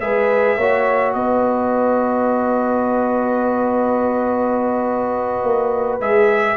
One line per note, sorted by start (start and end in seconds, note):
0.00 0.57 G#3
0.00 0.57 G#4
0.00 0.57 B4
0.00 1.13 E5
0.57 1.14 A#3
0.57 6.01 F#4
0.57 1.14 C#5
1.13 5.43 B3
1.13 6.57 B4
1.13 5.99 D#5
5.43 6.00 A#3
6.00 6.57 G#3
6.00 6.57 G#4
6.00 6.57 E5